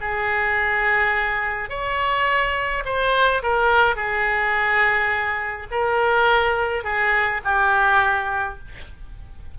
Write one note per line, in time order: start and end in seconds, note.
0.00 1.69 G#4
1.69 2.83 C#5
2.84 3.42 C5
3.42 3.95 A#4
3.95 5.67 G#4
5.70 6.83 A#4
6.83 7.41 G#4
7.44 8.58 G4